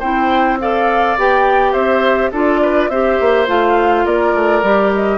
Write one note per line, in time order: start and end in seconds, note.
0.00 1.17 C4
0.00 0.60 E4
0.00 0.58 C5
0.00 0.58 G5
0.61 1.18 A4
0.61 1.73 D5
0.61 1.18 F5
1.18 1.74 B3
1.18 2.34 G4
1.18 1.73 G5
1.73 2.32 C4
1.73 2.31 C5
1.73 2.31 E5
2.32 2.89 D4
2.32 2.91 F4
2.32 2.61 A4
2.32 2.90 D5
2.62 2.90 B4
2.89 3.18 C4
2.89 3.47 G4
2.89 4.06 C5
2.89 3.47 E5
3.20 3.48 A#3
3.47 4.05 A3
3.47 4.63 F4
3.47 4.06 F5
4.05 4.34 A#3
4.05 5.18 A#4
4.05 4.92 D5
4.34 4.63 A3
4.63 5.18 G3
4.63 5.18 G4
4.95 5.18 D#5